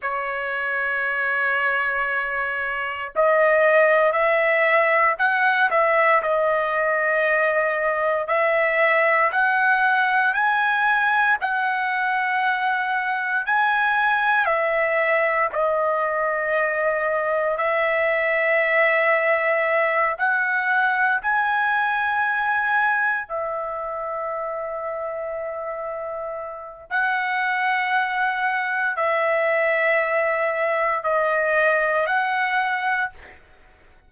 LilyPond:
\new Staff \with { instrumentName = "trumpet" } { \time 4/4 \tempo 4 = 58 cis''2. dis''4 | e''4 fis''8 e''8 dis''2 | e''4 fis''4 gis''4 fis''4~ | fis''4 gis''4 e''4 dis''4~ |
dis''4 e''2~ e''8 fis''8~ | fis''8 gis''2 e''4.~ | e''2 fis''2 | e''2 dis''4 fis''4 | }